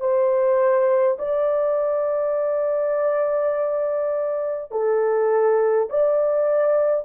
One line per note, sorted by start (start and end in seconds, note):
0.00 1.18 C5
1.18 4.71 D5
4.71 5.89 A4
5.90 7.05 D5